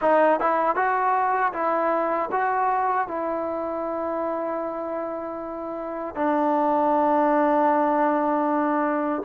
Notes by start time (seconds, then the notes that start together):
0.01 D#4
0.40 E4
0.75 F#4
1.52 E4
2.31 F#4
3.07 E4
6.15 D4